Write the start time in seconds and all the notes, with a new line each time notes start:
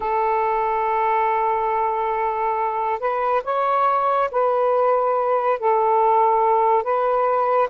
0.00 A4
2.99 B4
3.44 C#5
4.31 B4
5.59 A4
6.83 B4